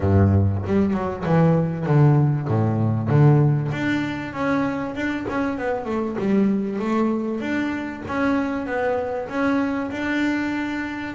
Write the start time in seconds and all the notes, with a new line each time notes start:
0.00 G2
0.66 G3
0.93 F#3
1.25 E3
1.86 D3
2.47 A2
3.08 D3
3.71 D4
4.33 C#4
4.95 D4
5.29 C#4
5.58 B3
5.85 A3
6.19 G3
6.79 A3
7.40 D4
8.07 C#4
8.66 B3
9.28 C#4
9.91 D4